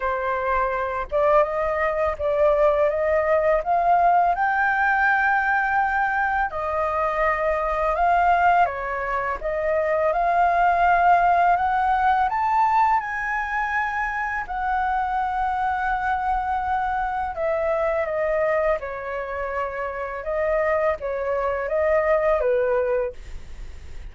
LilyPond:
\new Staff \with { instrumentName = "flute" } { \time 4/4 \tempo 4 = 83 c''4. d''8 dis''4 d''4 | dis''4 f''4 g''2~ | g''4 dis''2 f''4 | cis''4 dis''4 f''2 |
fis''4 a''4 gis''2 | fis''1 | e''4 dis''4 cis''2 | dis''4 cis''4 dis''4 b'4 | }